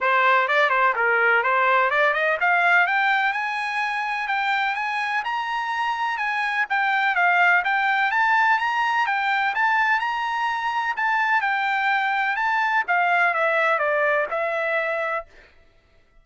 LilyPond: \new Staff \with { instrumentName = "trumpet" } { \time 4/4 \tempo 4 = 126 c''4 d''8 c''8 ais'4 c''4 | d''8 dis''8 f''4 g''4 gis''4~ | gis''4 g''4 gis''4 ais''4~ | ais''4 gis''4 g''4 f''4 |
g''4 a''4 ais''4 g''4 | a''4 ais''2 a''4 | g''2 a''4 f''4 | e''4 d''4 e''2 | }